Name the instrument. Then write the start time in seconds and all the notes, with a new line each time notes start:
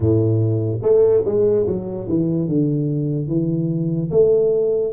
tuba
0.00 A2
0.82 A3
1.25 G#3
1.66 F#3
2.08 E3
2.48 D3
3.27 E3
4.11 A3